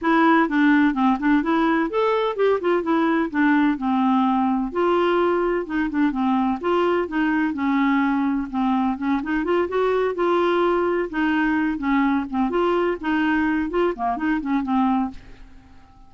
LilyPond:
\new Staff \with { instrumentName = "clarinet" } { \time 4/4 \tempo 4 = 127 e'4 d'4 c'8 d'8 e'4 | a'4 g'8 f'8 e'4 d'4 | c'2 f'2 | dis'8 d'8 c'4 f'4 dis'4 |
cis'2 c'4 cis'8 dis'8 | f'8 fis'4 f'2 dis'8~ | dis'4 cis'4 c'8 f'4 dis'8~ | dis'4 f'8 ais8 dis'8 cis'8 c'4 | }